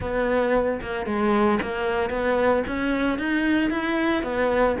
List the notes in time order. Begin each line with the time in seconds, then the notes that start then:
0.00 B3
0.81 A#3
1.06 G#3
1.62 A#3
2.10 B3
2.67 C#4
3.18 D#4
3.70 E4
4.23 B3